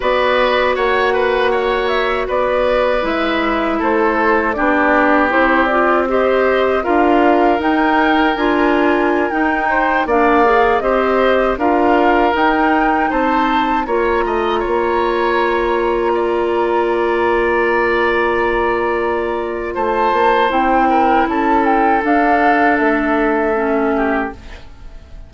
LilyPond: <<
  \new Staff \with { instrumentName = "flute" } { \time 4/4 \tempo 4 = 79 d''4 fis''4. e''8 d''4 | e''4 c''4 d''4 c''8 d''8 | dis''4 f''4 g''4 gis''4~ | gis''16 g''4 f''4 dis''4 f''8.~ |
f''16 g''4 a''4 ais''4.~ ais''16~ | ais''1~ | ais''2 a''4 g''4 | a''8 g''8 f''4 e''2 | }
  \new Staff \with { instrumentName = "oboe" } { \time 4/4 b'4 cis''8 b'8 cis''4 b'4~ | b'4 a'4 g'2 | c''4 ais'2.~ | ais'8. c''8 d''4 c''4 ais'8.~ |
ais'4~ ais'16 c''4 cis''8 dis''8 cis''8.~ | cis''4~ cis''16 d''2~ d''8.~ | d''2 c''4. ais'8 | a'2.~ a'8 g'8 | }
  \new Staff \with { instrumentName = "clarinet" } { \time 4/4 fis'1 | e'2 d'4 e'8 f'8 | g'4 f'4 dis'4 f'4~ | f'16 dis'4 d'8 gis'8 g'4 f'8.~ |
f'16 dis'2 f'4.~ f'16~ | f'1~ | f'2. e'4~ | e'4 d'2 cis'4 | }
  \new Staff \with { instrumentName = "bassoon" } { \time 4/4 b4 ais2 b4 | gis4 a4 b4 c'4~ | c'4 d'4 dis'4 d'4~ | d'16 dis'4 ais4 c'4 d'8.~ |
d'16 dis'4 c'4 ais8 a8 ais8.~ | ais1~ | ais2 a8 ais8 c'4 | cis'4 d'4 a2 | }
>>